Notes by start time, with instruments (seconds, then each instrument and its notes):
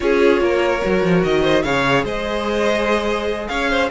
0.00 cello C#4, viola F4, violin G#4 C#5
0.40 cello A#3, violin A#4
0.82 cello F#3, viola F#4
1.03 cello F3
1.24 cello D#3, violin D#5
1.42 violin C5
1.62 cello C#3, viola G#4, violin C#5 F5
2.04 cello G#3, violin C5 D#5
3.47 cello C#4, violin C#5 F5
3.70 violin C5